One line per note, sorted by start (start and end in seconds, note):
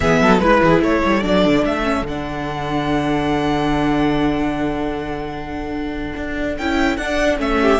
0.00 0.21 E3
0.00 0.41 B3
0.00 0.20 G#4
0.00 0.38 E5
0.20 0.39 F#3
0.20 0.41 A4
0.38 0.60 G#3
0.38 1.22 E4
0.38 0.79 B4
0.38 0.62 B4
0.62 0.80 E3
0.62 0.83 G#4
0.80 1.01 A3
0.80 7.61 A4
0.80 1.23 C#5
1.04 1.24 G3
1.22 1.45 F#3
1.22 1.83 D4
1.22 1.64 D5
1.45 1.64 D3
1.64 2.02 A3
1.64 2.06 E5
1.83 2.03 C#4
2.02 6.13 D3
2.02 6.57 F#5
2.09 6.60 D4
6.16 6.57 D4
6.57 6.97 C#4
6.57 6.99 E4
6.57 6.96 G5
6.96 7.38 D4
6.96 7.37 F#5
7.38 7.79 A3
7.38 7.79 C#4
7.38 7.80 E5
7.61 7.80 G4